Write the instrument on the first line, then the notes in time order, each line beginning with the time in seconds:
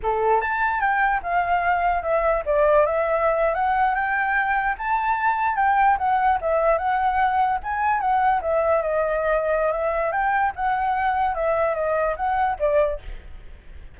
flute
0.02 A4
0.41 A5
0.80 G5
1.22 F5
2.02 E5
2.45 D5
2.86 E5
3.54 F#5
3.94 G5
4.78 A5
5.56 G5
5.98 F#5
6.41 E5
6.78 F#5
7.63 G#5
8.00 F#5
8.41 E5
8.82 D#5
9.72 E5
10.11 G5
10.55 F#5
11.34 E5
11.75 D#5
12.16 F#5
12.59 D5